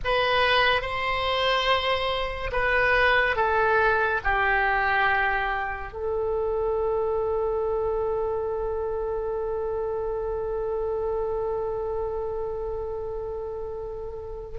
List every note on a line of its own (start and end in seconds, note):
0.04 0.81 B4
0.81 2.50 C5
2.52 3.36 B4
3.36 4.20 A4
4.24 5.92 G4
5.92 14.58 A4